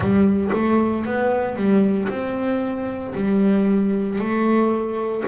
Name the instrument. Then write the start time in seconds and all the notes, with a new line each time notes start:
double bass
0.00 G3
0.53 A3
1.05 B3
1.56 G3
2.08 C4
3.14 G3
4.18 A3